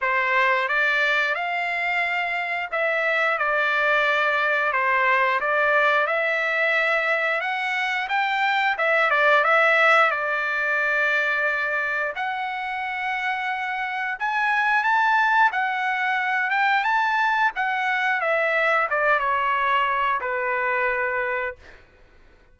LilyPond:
\new Staff \with { instrumentName = "trumpet" } { \time 4/4 \tempo 4 = 89 c''4 d''4 f''2 | e''4 d''2 c''4 | d''4 e''2 fis''4 | g''4 e''8 d''8 e''4 d''4~ |
d''2 fis''2~ | fis''4 gis''4 a''4 fis''4~ | fis''8 g''8 a''4 fis''4 e''4 | d''8 cis''4. b'2 | }